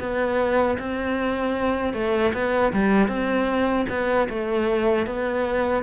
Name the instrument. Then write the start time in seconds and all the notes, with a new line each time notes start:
cello
0.00 B3
0.79 C4
1.94 A3
2.34 B3
2.73 G3
3.08 C4
3.90 B3
4.29 A3
5.06 B3